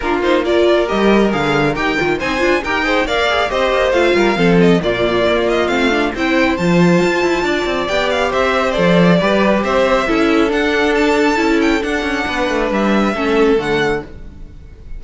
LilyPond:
<<
  \new Staff \with { instrumentName = "violin" } { \time 4/4 \tempo 4 = 137 ais'8 c''8 d''4 dis''4 f''4 | g''4 gis''4 g''4 f''4 | dis''4 f''4. dis''8 d''4~ | d''8 dis''8 f''4 g''4 a''4~ |
a''2 g''8 f''8 e''4 | d''2 e''2 | fis''4 a''4. g''8 fis''4~ | fis''4 e''2 fis''4 | }
  \new Staff \with { instrumentName = "violin" } { \time 4/4 f'4 ais'2.~ | ais'4 c''4 ais'8 c''8 d''4 | c''4. ais'8 a'4 f'4~ | f'2 c''2~ |
c''4 d''2 c''4~ | c''4 b'4 c''4 a'4~ | a'1 | b'2 a'2 | }
  \new Staff \with { instrumentName = "viola" } { \time 4/4 d'8 dis'8 f'4 g'4 gis'4 | g'8 f'8 dis'8 f'8 g'8 gis'8 ais'8 gis'8 | g'4 f'4 c'4 ais4~ | ais4 c'8 d'8 e'4 f'4~ |
f'2 g'2 | a'4 g'2 e'4 | d'2 e'4 d'4~ | d'2 cis'4 a4 | }
  \new Staff \with { instrumentName = "cello" } { \time 4/4 ais2 g4 d4 | dis'8 dis8 c'8 d'8 dis'4 ais4 | c'8 ais8 a8 g8 f4 ais,4 | ais4 a4 c'4 f4 |
f'8 e'8 d'8 c'8 b4 c'4 | f4 g4 c'4 cis'4 | d'2 cis'4 d'8 cis'8 | b8 a8 g4 a4 d4 | }
>>